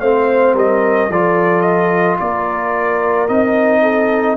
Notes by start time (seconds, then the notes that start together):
0.00 A3 C4 C5 F5
0.54 G3 A#4 D#5
1.09 F3 F4 A4 D5
1.61 D#5
2.20 A#3 A#4 D5
3.28 C4 D#4 D#5
3.82 A4